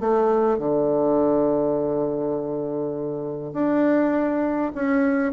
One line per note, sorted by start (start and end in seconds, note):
0.00 0.58 A3
0.58 3.53 D3
3.53 4.72 D4
4.75 5.32 C#4